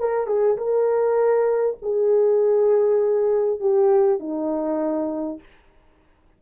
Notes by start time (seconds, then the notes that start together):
0.00 A#4
0.27 G#4
0.57 A#4
1.82 G#4
3.61 G4
4.19 D#4